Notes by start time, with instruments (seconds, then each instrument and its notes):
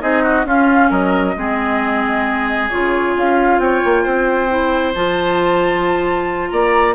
0.00 bassoon C4, clarinet D#4, oboe G#4, flute D#5
0.23 oboe F#4
0.45 bassoon C#4, clarinet C#4, oboe F4, flute F5
0.89 bassoon F#3, oboe A#4, flute D#5
1.36 bassoon G#3, clarinet C4, oboe G#4
2.69 bassoon C#3, clarinet F4, flute C#5
3.16 bassoon C#4, flute F5
3.58 bassoon C4, oboe C#5, flute G5
3.84 bassoon A#3
4.03 bassoon C4, oboe C5
4.49 clarinet E4
4.94 bassoon F3, clarinet F4, flute A5
6.49 bassoon A#3, oboe D5, flute A#5